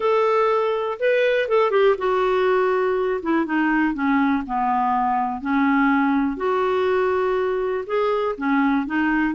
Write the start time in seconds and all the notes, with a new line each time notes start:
0.00 A4
0.99 B4
1.48 A4
1.71 G4
1.97 F#4
3.22 E4
3.45 D#4
3.93 C#4
4.46 B3
5.41 C#4
6.36 F#4
7.86 G#4
8.37 C#4
8.86 D#4